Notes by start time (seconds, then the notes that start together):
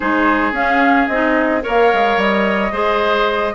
0.00 G#3 D#4 G#4 C5
0.52 C#4 F5
1.07 C4 D#4 D#5
1.61 A#3 A#4 C#5
1.68 F5
1.93 G#3
2.16 G3 D#5
2.71 G#3 G#4 C5